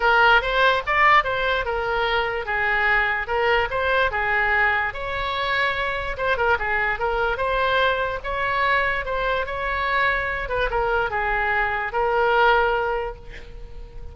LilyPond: \new Staff \with { instrumentName = "oboe" } { \time 4/4 \tempo 4 = 146 ais'4 c''4 d''4 c''4 | ais'2 gis'2 | ais'4 c''4 gis'2 | cis''2. c''8 ais'8 |
gis'4 ais'4 c''2 | cis''2 c''4 cis''4~ | cis''4. b'8 ais'4 gis'4~ | gis'4 ais'2. | }